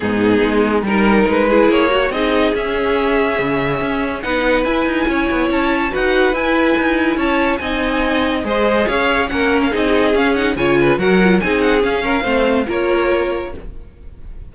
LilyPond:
<<
  \new Staff \with { instrumentName = "violin" } { \time 4/4 \tempo 4 = 142 gis'2 ais'4 b'4 | cis''4 dis''4 e''2~ | e''2 fis''4 gis''4~ | gis''4 a''4 fis''4 gis''4~ |
gis''4 a''4 gis''2 | dis''4 f''4 fis''8. f''16 dis''4 | f''8 fis''8 gis''4 fis''4 gis''8 fis''8 | f''2 cis''2 | }
  \new Staff \with { instrumentName = "violin" } { \time 4/4 dis'2 ais'4. gis'8~ | gis'8 fis'8 gis'2.~ | gis'2 b'2 | cis''2 b'2~ |
b'4 cis''4 dis''2 | c''4 cis''4 ais'4 gis'4~ | gis'4 cis''8 b'8 ais'4 gis'4~ | gis'8 ais'8 c''4 ais'2 | }
  \new Staff \with { instrumentName = "viola" } { \time 4/4 b2 dis'4. e'8~ | e'8 fis'8 dis'4 cis'2~ | cis'2 dis'4 e'4~ | e'2 fis'4 e'4~ |
e'2 dis'2 | gis'2 cis'4 dis'4 | cis'8 dis'8 f'4 fis'8 f'8 dis'4 | cis'4 c'4 f'2 | }
  \new Staff \with { instrumentName = "cello" } { \time 4/4 gis,4 gis4 g4 gis4 | ais4 c'4 cis'2 | cis4 cis'4 b4 e'8 dis'8 | cis'8 b8 cis'4 dis'4 e'4 |
dis'4 cis'4 c'2 | gis4 cis'4 ais4 c'4 | cis'4 cis4 fis4 c'4 | cis'4 a4 ais2 | }
>>